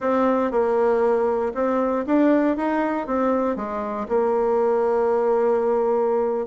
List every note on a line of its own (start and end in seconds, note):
0.00 0.51 C4
0.51 1.53 A#3
1.54 2.05 C4
2.06 2.57 D4
2.57 3.06 D#4
3.06 3.56 C4
3.56 4.07 G#3
4.08 6.46 A#3